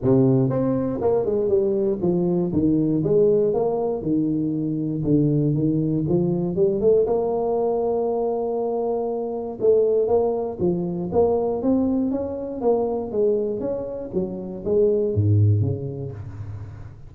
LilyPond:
\new Staff \with { instrumentName = "tuba" } { \time 4/4 \tempo 4 = 119 c4 c'4 ais8 gis8 g4 | f4 dis4 gis4 ais4 | dis2 d4 dis4 | f4 g8 a8 ais2~ |
ais2. a4 | ais4 f4 ais4 c'4 | cis'4 ais4 gis4 cis'4 | fis4 gis4 gis,4 cis4 | }